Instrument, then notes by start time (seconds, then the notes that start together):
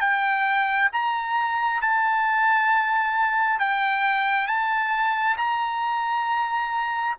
trumpet
0.00 G5
0.92 A#5
1.82 A5
3.59 G5
4.47 A5
5.37 A#5